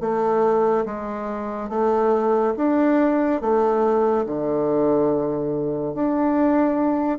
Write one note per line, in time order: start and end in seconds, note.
0.00 0.85 A3
0.85 1.69 G#3
1.69 2.54 A3
2.57 3.41 D4
3.41 4.26 A3
4.26 5.94 D3
5.94 7.18 D4